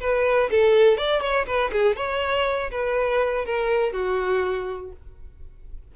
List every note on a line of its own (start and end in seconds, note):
0.00 0.50 B4
0.51 0.97 A4
0.97 1.21 D5
1.21 1.46 C#5
1.46 1.71 B4
1.72 1.96 G#4
1.96 2.70 C#5
2.71 3.45 B4
3.45 3.92 A#4
3.92 4.92 F#4